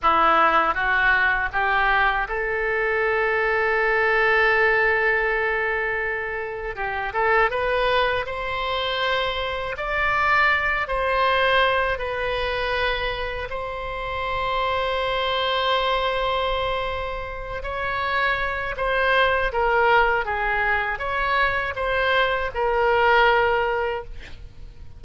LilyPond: \new Staff \with { instrumentName = "oboe" } { \time 4/4 \tempo 4 = 80 e'4 fis'4 g'4 a'4~ | a'1~ | a'4 g'8 a'8 b'4 c''4~ | c''4 d''4. c''4. |
b'2 c''2~ | c''2.~ c''8 cis''8~ | cis''4 c''4 ais'4 gis'4 | cis''4 c''4 ais'2 | }